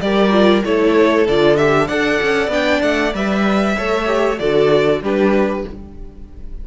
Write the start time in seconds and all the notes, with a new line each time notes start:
0.00 G3 G4 A#4 D5
0.31 F4
0.63 A3 E4 A4 C#5
1.27 D3 F4 D5
1.57 G4 E5
1.87 D4 A4 D5 F#5
2.22 C#4
2.47 B3 D4 G5
2.82 A3 F#5
3.13 G3 B4 E5
3.77 A3 A4 C#5
4.05 G4
4.38 D3 F#4 A4 D5
5.02 G3 D4 G4 B4